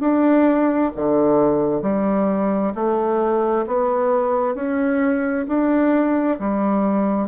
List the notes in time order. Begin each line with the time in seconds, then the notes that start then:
0.00 D4
0.96 D3
1.82 G3
2.74 A3
3.67 B3
4.55 C#4
5.48 D4
6.39 G3